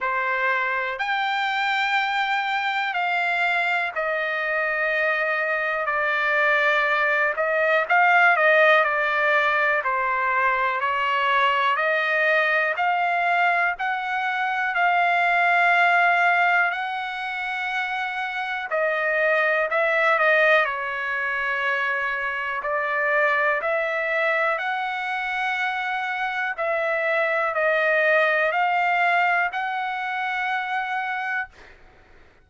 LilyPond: \new Staff \with { instrumentName = "trumpet" } { \time 4/4 \tempo 4 = 61 c''4 g''2 f''4 | dis''2 d''4. dis''8 | f''8 dis''8 d''4 c''4 cis''4 | dis''4 f''4 fis''4 f''4~ |
f''4 fis''2 dis''4 | e''8 dis''8 cis''2 d''4 | e''4 fis''2 e''4 | dis''4 f''4 fis''2 | }